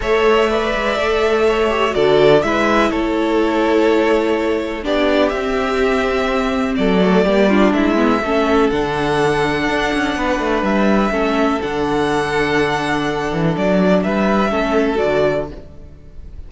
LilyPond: <<
  \new Staff \with { instrumentName = "violin" } { \time 4/4 \tempo 4 = 124 e''1 | d''4 e''4 cis''2~ | cis''2 d''4 e''4~ | e''2 d''2 |
e''2 fis''2~ | fis''2 e''2 | fis''1 | d''4 e''2 d''4 | }
  \new Staff \with { instrumentName = "violin" } { \time 4/4 cis''4 d''2 cis''4 | a'4 b'4 a'2~ | a'2 g'2~ | g'2 a'4 g'8 f'8 |
e'4 a'2.~ | a'4 b'2 a'4~ | a'1~ | a'4 b'4 a'2 | }
  \new Staff \with { instrumentName = "viola" } { \time 4/4 a'4 b'4 a'4. g'8 | fis'4 e'2.~ | e'2 d'4 c'4~ | c'2~ c'8 a8 ais8 d'8~ |
d'8 b8 cis'4 d'2~ | d'2. cis'4 | d'1~ | d'2 cis'4 fis'4 | }
  \new Staff \with { instrumentName = "cello" } { \time 4/4 a4. gis8 a2 | d4 gis4 a2~ | a2 b4 c'4~ | c'2 fis4 g4 |
gis4 a4 d2 | d'8 cis'8 b8 a8 g4 a4 | d2.~ d8 e8 | fis4 g4 a4 d4 | }
>>